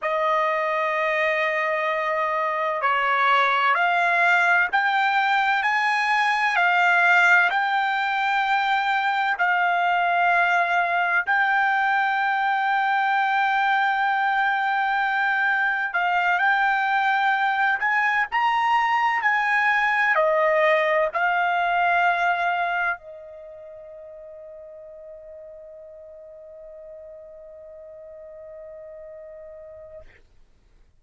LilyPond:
\new Staff \with { instrumentName = "trumpet" } { \time 4/4 \tempo 4 = 64 dis''2. cis''4 | f''4 g''4 gis''4 f''4 | g''2 f''2 | g''1~ |
g''4 f''8 g''4. gis''8 ais''8~ | ais''8 gis''4 dis''4 f''4.~ | f''8 dis''2.~ dis''8~ | dis''1 | }